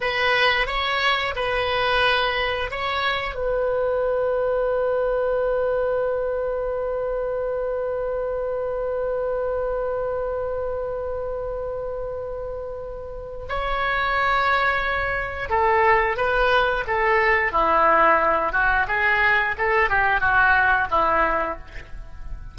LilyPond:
\new Staff \with { instrumentName = "oboe" } { \time 4/4 \tempo 4 = 89 b'4 cis''4 b'2 | cis''4 b'2.~ | b'1~ | b'1~ |
b'1 | cis''2. a'4 | b'4 a'4 e'4. fis'8 | gis'4 a'8 g'8 fis'4 e'4 | }